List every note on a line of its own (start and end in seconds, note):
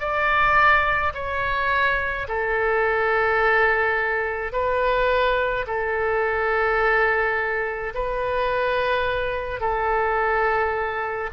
0.00 1.13 D5
1.14 2.27 C#5
2.28 4.53 A4
4.53 5.66 B4
5.67 7.93 A4
7.95 9.61 B4
9.61 11.31 A4